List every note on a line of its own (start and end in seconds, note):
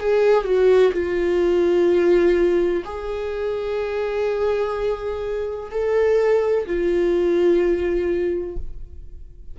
0.00 0.45 G#4
0.45 0.92 F#4
0.93 2.84 F4
2.85 5.71 G#4
5.71 6.66 A4
6.67 8.57 F4